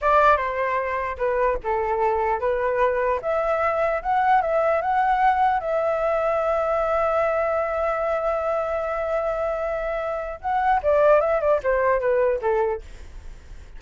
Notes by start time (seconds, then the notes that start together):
0.01 D5
0.36 C5
1.17 B4
1.63 A4
2.39 B4
3.21 E5
4.02 F#5
4.41 E5
4.81 F#5
5.60 E5
10.41 F#5
10.83 D5
11.20 E5
11.40 D5
11.63 C5
11.99 B4
12.41 A4